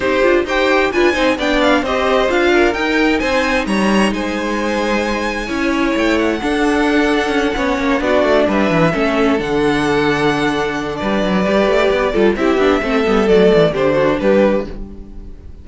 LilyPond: <<
  \new Staff \with { instrumentName = "violin" } { \time 4/4 \tempo 4 = 131 c''4 g''4 gis''4 g''8 f''8 | dis''4 f''4 g''4 gis''4 | ais''4 gis''2.~ | gis''4 g''8 fis''2~ fis''8~ |
fis''4. d''4 e''4.~ | e''8 fis''2.~ fis''8 | d''2. e''4~ | e''4 d''4 c''4 b'4 | }
  \new Staff \with { instrumentName = "violin" } { \time 4/4 g'4 c''4 b'8 c''8 d''4 | c''4. ais'4. c''4 | cis''4 c''2. | cis''2 a'2~ |
a'8 cis''4 fis'4 b'4 a'8~ | a'1 | b'2~ b'8 a'8 g'4 | a'2 g'8 fis'8 g'4 | }
  \new Staff \with { instrumentName = "viola" } { \time 4/4 dis'8 f'8 g'4 f'8 dis'8 d'4 | g'4 f'4 dis'2~ | dis'1 | e'2 d'2~ |
d'8 cis'4 d'2 cis'8~ | cis'8 d'2.~ d'8~ | d'4 g'4. f'8 e'8 d'8 | c'8 b8 a4 d'2 | }
  \new Staff \with { instrumentName = "cello" } { \time 4/4 c'8 d'8 dis'4 d'8 c'8 b4 | c'4 d'4 dis'4 c'4 | g4 gis2. | cis'4 a4 d'2 |
cis'8 b8 ais8 b8 a8 g8 e8 a8~ | a8 d2.~ d8 | g8 fis8 g8 a8 b8 g8 c'8 b8 | a8 g8 fis8 e8 d4 g4 | }
>>